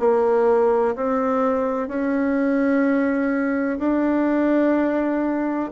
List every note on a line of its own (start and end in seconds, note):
0.00 0.95 A#3
0.96 1.88 C4
1.88 3.79 C#4
3.79 5.70 D4